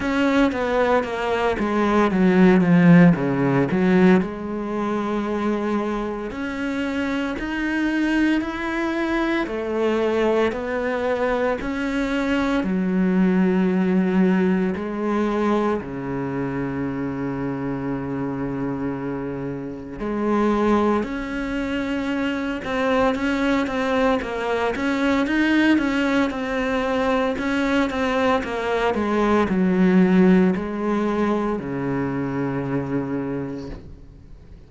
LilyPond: \new Staff \with { instrumentName = "cello" } { \time 4/4 \tempo 4 = 57 cis'8 b8 ais8 gis8 fis8 f8 cis8 fis8 | gis2 cis'4 dis'4 | e'4 a4 b4 cis'4 | fis2 gis4 cis4~ |
cis2. gis4 | cis'4. c'8 cis'8 c'8 ais8 cis'8 | dis'8 cis'8 c'4 cis'8 c'8 ais8 gis8 | fis4 gis4 cis2 | }